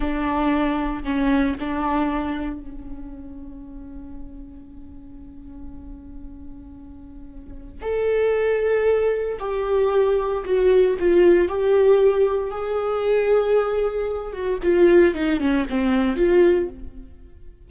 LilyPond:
\new Staff \with { instrumentName = "viola" } { \time 4/4 \tempo 4 = 115 d'2 cis'4 d'4~ | d'4 cis'2.~ | cis'1~ | cis'2. a'4~ |
a'2 g'2 | fis'4 f'4 g'2 | gis'2.~ gis'8 fis'8 | f'4 dis'8 cis'8 c'4 f'4 | }